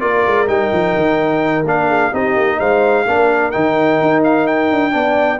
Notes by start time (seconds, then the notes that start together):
0.00 A#3 F4 A#4 D5
0.26 G#3
0.47 G3 D#4 G5
0.72 F3
0.96 D#3
1.64 A#3 D4 F5
1.88 G#4
2.11 C4 D#4 G4 D#5
2.36 A#3
2.59 G#3 C5 F5
3.07 A#3 D4 A#4
3.51 D#3 D#4 G5
4.01 D#4
4.24 F5
4.47 G5
4.71 D4
4.91 B3 D4 D5